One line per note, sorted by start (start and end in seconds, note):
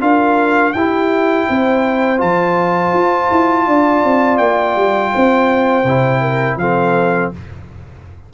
0.00 0.74 D4
0.00 0.73 F4
0.00 0.75 A#4
0.00 0.73 F5
0.73 1.48 E4
0.73 2.17 E4
0.73 1.49 G4
0.73 2.19 G5
1.49 2.22 C4
1.49 3.67 C5
2.17 2.93 F3
2.17 5.83 F4
2.17 4.37 A5
2.93 3.29 F4
3.31 3.67 E4
3.67 4.03 D4
3.67 5.13 D5
4.04 4.39 C4
4.37 4.76 A#3
4.37 6.57 G5
4.76 5.12 G3
5.13 5.84 C4
5.13 6.21 C5
5.84 6.57 C3
5.84 6.60 E4
6.21 6.58 A#4
6.57 7.30 F3
6.57 7.33 C4
6.57 7.33 A4
6.57 7.31 F5